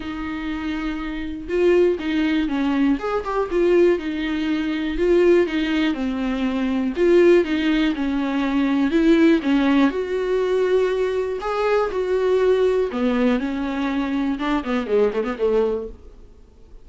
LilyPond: \new Staff \with { instrumentName = "viola" } { \time 4/4 \tempo 4 = 121 dis'2. f'4 | dis'4 cis'4 gis'8 g'8 f'4 | dis'2 f'4 dis'4 | c'2 f'4 dis'4 |
cis'2 e'4 cis'4 | fis'2. gis'4 | fis'2 b4 cis'4~ | cis'4 d'8 b8 gis8 a16 b16 a4 | }